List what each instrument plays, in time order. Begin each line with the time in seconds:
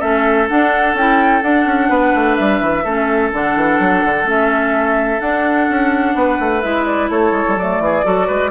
0.00 bassoon A3, clarinet C#4, oboe A4, flute E5
0.49 clarinet D4, bassoon D4, flute F#5
0.94 bassoon C#4, clarinet E4, flute G5
1.43 clarinet D4, bassoon D4, flute F#5
1.66 bassoon C#4
1.89 bassoon B3, oboe B4
2.15 bassoon A3
2.35 bassoon G3, flute E5
2.62 bassoon E3
2.84 bassoon A3, clarinet C#4, oboe A4
3.33 bassoon D3, clarinet D4, flute F#5
3.56 bassoon E3
3.80 bassoon F#3
4.05 bassoon D3
4.24 bassoon A3, clarinet C#4, flute E5
5.21 bassoon D4, clarinet D4, flute F#5
5.70 bassoon C#4
6.15 bassoon B3, oboe B4
6.40 bassoon A3
6.62 bassoon G#3, clarinet E4, flute E5
6.86 flute D5
7.10 bassoon A3, oboe A4, flute C#5
7.32 bassoon G#3
7.49 bassoon G3
7.56 bassoon F#3, clarinet A3, flute D5
7.81 bassoon E3, oboe G#4
8.04 bassoon F#3, clarinet F#4, oboe A4
8.27 bassoon G#3, oboe B4